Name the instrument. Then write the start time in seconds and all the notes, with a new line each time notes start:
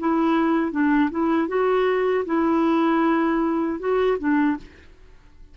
clarinet
0.00 E4
0.72 D4
1.11 E4
1.48 F#4
2.26 E4
3.80 F#4
4.19 D4